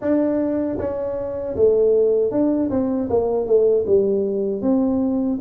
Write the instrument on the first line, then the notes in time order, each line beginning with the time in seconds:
tuba
0.01 D4
0.78 C#4
1.56 A3
2.31 D4
2.70 C4
3.09 A#3
3.46 A3
3.86 G3
4.62 C4